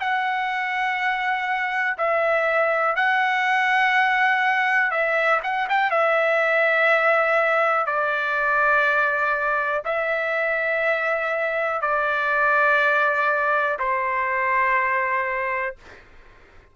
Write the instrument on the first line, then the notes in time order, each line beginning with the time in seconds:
trumpet
0.00 F#5
1.98 E5
2.96 F#5
4.91 E5
5.43 F#5
5.69 G5
5.91 E5
7.86 D5
9.85 E5
11.81 D5
13.79 C5